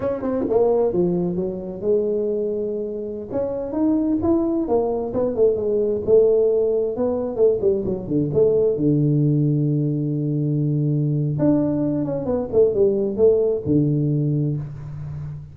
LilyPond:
\new Staff \with { instrumentName = "tuba" } { \time 4/4 \tempo 4 = 132 cis'8 c'8 ais4 f4 fis4 | gis2.~ gis16 cis'8.~ | cis'16 dis'4 e'4 ais4 b8 a16~ | a16 gis4 a2 b8.~ |
b16 a8 g8 fis8 d8 a4 d8.~ | d1~ | d4 d'4. cis'8 b8 a8 | g4 a4 d2 | }